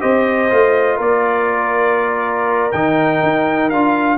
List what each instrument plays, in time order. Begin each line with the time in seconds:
0.00 tuba C4, trombone G4, horn C5, trumpet D#5
0.50 tuba A3, trombone F4
0.97 tuba A#3, horn A#4, trumpet D5
2.72 tuba D#3, trombone D#4, trumpet G5
3.22 tuba D#4
3.69 tuba D4, trombone F4, trumpet F5